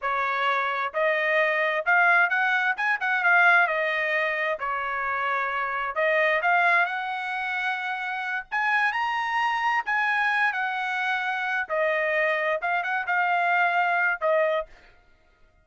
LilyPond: \new Staff \with { instrumentName = "trumpet" } { \time 4/4 \tempo 4 = 131 cis''2 dis''2 | f''4 fis''4 gis''8 fis''8 f''4 | dis''2 cis''2~ | cis''4 dis''4 f''4 fis''4~ |
fis''2~ fis''8 gis''4 ais''8~ | ais''4. gis''4. fis''4~ | fis''4. dis''2 f''8 | fis''8 f''2~ f''8 dis''4 | }